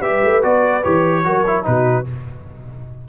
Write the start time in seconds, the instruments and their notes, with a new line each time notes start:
0.00 tuba G3, trombone G4, horn B4, trumpet E5
0.24 tuba A3
0.42 tuba B3, trombone F#4, trumpet D5
0.84 tuba E3, trombone G4, trumpet C#5
1.25 tuba F#3, trombone F#4, horn A#4
1.47 trombone E4
1.64 tuba B2, trombone D#4, horn F#4, trumpet B4